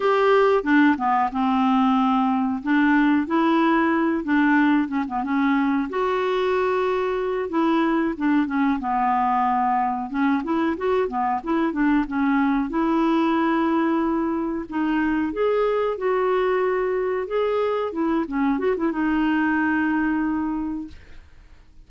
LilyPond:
\new Staff \with { instrumentName = "clarinet" } { \time 4/4 \tempo 4 = 92 g'4 d'8 b8 c'2 | d'4 e'4. d'4 cis'16 b16 | cis'4 fis'2~ fis'8 e'8~ | e'8 d'8 cis'8 b2 cis'8 |
e'8 fis'8 b8 e'8 d'8 cis'4 e'8~ | e'2~ e'8 dis'4 gis'8~ | gis'8 fis'2 gis'4 e'8 | cis'8 fis'16 e'16 dis'2. | }